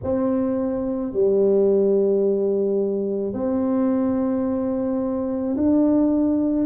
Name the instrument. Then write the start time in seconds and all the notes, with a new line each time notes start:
tuba
0.03 C4
1.12 G3
3.33 C4
5.56 D4